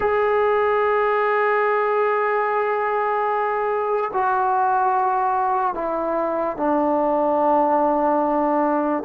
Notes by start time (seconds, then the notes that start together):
0.00 G#4
4.13 F#4
5.74 E4
6.56 D4